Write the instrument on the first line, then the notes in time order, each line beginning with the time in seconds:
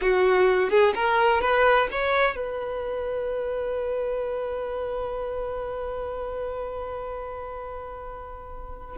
violin
0.01 F#4
0.70 G#4
0.94 A#4
1.41 B4
1.91 C#5
2.35 B4